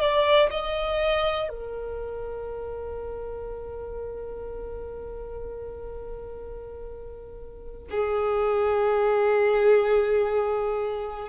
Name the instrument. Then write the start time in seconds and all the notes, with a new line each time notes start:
violin
0.00 D5
0.50 D#5
1.48 A#4
7.90 G#4